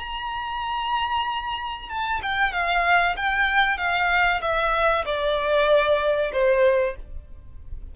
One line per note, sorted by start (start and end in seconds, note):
0.00 1.89 A#5
1.89 2.21 A5
2.22 2.52 G5
2.52 3.16 F5
3.16 3.78 G5
3.78 4.41 F5
4.42 5.05 E5
5.06 6.32 D5
6.32 6.96 C5